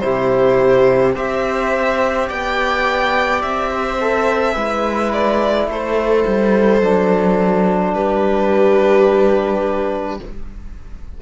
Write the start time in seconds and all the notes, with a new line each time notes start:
0.00 C3 E4 G4 C5
1.15 C4 G4 C5 E5
2.28 B3 D5 G5
3.42 C4 E5
3.71 C5
4.01 A4
4.52 G#3 E4 B4
5.13 D5
5.68 A3 A4 C5
6.27 G3
6.81 F#3 D4
7.94 G3 G4 B4